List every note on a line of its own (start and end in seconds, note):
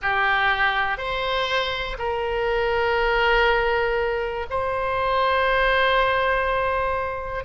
0.02 0.97 G4
0.97 1.96 C5
1.98 4.46 A#4
4.50 7.44 C5